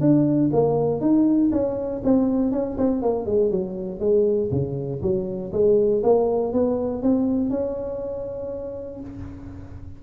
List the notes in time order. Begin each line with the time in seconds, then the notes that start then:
0.00 D4
0.53 A#3
1.00 D#4
1.52 C#4
2.03 C4
2.51 C#4
2.77 C4
3.02 A#3
3.25 G#3
3.51 F#3
3.99 G#3
4.51 C#3
5.02 F#3
5.52 G#3
6.03 A#3
6.52 B3
7.02 C4
7.50 C#4